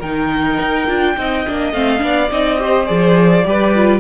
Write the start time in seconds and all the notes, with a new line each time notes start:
0.00 D#3 D#4 A#4 G5
0.60 D#4
0.88 D4 F4
1.17 C4 D#4 D#5
1.47 A#3 D4
1.73 A3 C4 F5
1.99 B3 D4 D5
2.32 C4 D#4 D#5
2.59 G4 C5
2.86 F3 G#4 D5
3.45 G3 G4 B4
3.74 F4